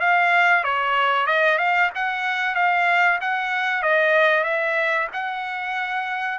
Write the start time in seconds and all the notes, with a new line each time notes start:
0.00 F5
0.64 C#5
1.26 D#5
1.58 F5
1.95 F#5
2.55 F5
3.21 F#5
3.82 D#5
4.44 E5
5.13 F#5